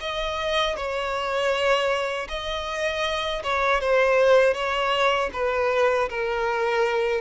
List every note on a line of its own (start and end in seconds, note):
0.00 0.76 D#5
0.76 2.28 C#5
2.29 3.42 D#5
3.43 3.80 C#5
3.80 4.54 C5
4.54 5.30 C#5
5.33 6.09 B4
6.10 7.21 A#4